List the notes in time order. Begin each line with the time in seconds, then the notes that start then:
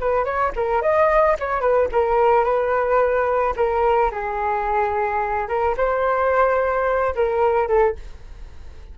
0.00 B4
0.25 C#5
0.56 A#4
0.81 D#5
1.39 C#5
1.61 B4
1.91 A#4
2.44 B4
3.56 A#4
4.11 G#4
5.48 A#4
5.77 C5
7.15 A#4
7.68 A4